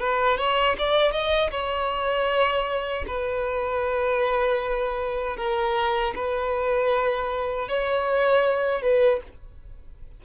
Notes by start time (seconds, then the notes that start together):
0.00 B4
0.38 C#5
0.79 D5
1.12 D#5
1.51 C#5
3.08 B4
5.37 A#4
6.16 B4
7.69 C#5
8.82 B4